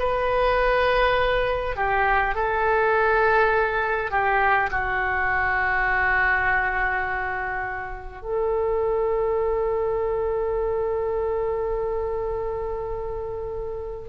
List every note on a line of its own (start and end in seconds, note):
0.00 1.76 B4
1.76 2.35 G4
2.35 4.11 A4
4.11 4.70 G4
4.71 8.22 F#4
8.22 14.10 A4